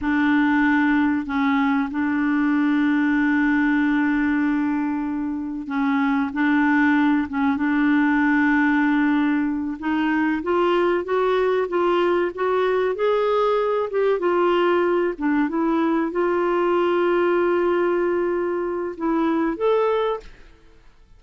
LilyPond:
\new Staff \with { instrumentName = "clarinet" } { \time 4/4 \tempo 4 = 95 d'2 cis'4 d'4~ | d'1~ | d'4 cis'4 d'4. cis'8 | d'2.~ d'8 dis'8~ |
dis'8 f'4 fis'4 f'4 fis'8~ | fis'8 gis'4. g'8 f'4. | d'8 e'4 f'2~ f'8~ | f'2 e'4 a'4 | }